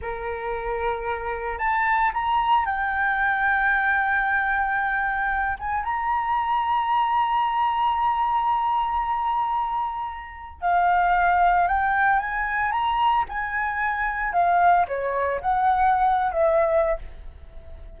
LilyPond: \new Staff \with { instrumentName = "flute" } { \time 4/4 \tempo 4 = 113 ais'2. a''4 | ais''4 g''2.~ | g''2~ g''8 gis''8 ais''4~ | ais''1~ |
ais''1 | f''2 g''4 gis''4 | ais''4 gis''2 f''4 | cis''4 fis''4.~ fis''16 e''4~ e''16 | }